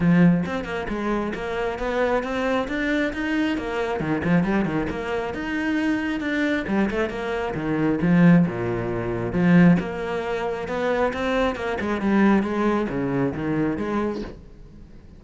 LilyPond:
\new Staff \with { instrumentName = "cello" } { \time 4/4 \tempo 4 = 135 f4 c'8 ais8 gis4 ais4 | b4 c'4 d'4 dis'4 | ais4 dis8 f8 g8 dis8 ais4 | dis'2 d'4 g8 a8 |
ais4 dis4 f4 ais,4~ | ais,4 f4 ais2 | b4 c'4 ais8 gis8 g4 | gis4 cis4 dis4 gis4 | }